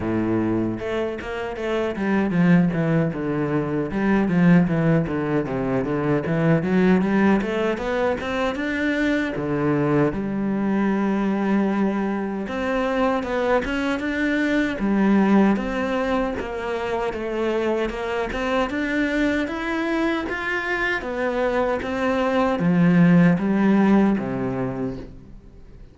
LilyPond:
\new Staff \with { instrumentName = "cello" } { \time 4/4 \tempo 4 = 77 a,4 a8 ais8 a8 g8 f8 e8 | d4 g8 f8 e8 d8 c8 d8 | e8 fis8 g8 a8 b8 c'8 d'4 | d4 g2. |
c'4 b8 cis'8 d'4 g4 | c'4 ais4 a4 ais8 c'8 | d'4 e'4 f'4 b4 | c'4 f4 g4 c4 | }